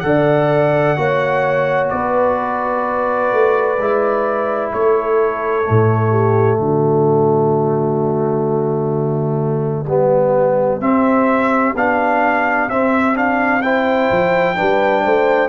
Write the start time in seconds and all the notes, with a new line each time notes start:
0.00 D3 A4 F#5
0.06 D5
0.97 A#3 F#4 C#5
1.90 B3 B4 D5
3.33 A3
3.79 G#3 E4
4.73 A3 A4 C#5
5.63 A3
5.70 A2
6.11 G4
6.59 D3 F#4 D5
9.87 G3 B3 G4
10.81 C4 E5
11.75 B3 D4 F5
12.70 C4 E5
13.14 D4 F5
13.62 E4 C5 G5
14.11 F3
14.56 G3 D4 B4
15.04 A3 C5